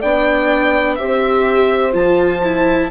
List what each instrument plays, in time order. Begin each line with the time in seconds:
0.00 bassoon B3, viola D4, horn D5, violin G5
0.95 bassoon C4, viola G4, horn C5, violin E5
1.92 bassoon F3, viola F4, violin A5
2.44 viola E4